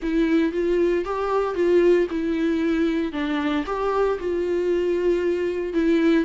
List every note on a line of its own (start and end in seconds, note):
0.02 0.52 E4
0.52 1.04 F4
1.04 1.54 G4
1.54 2.07 F4
2.10 3.12 E4
3.12 3.64 D4
3.66 4.18 G4
4.19 5.73 F4
5.73 6.24 E4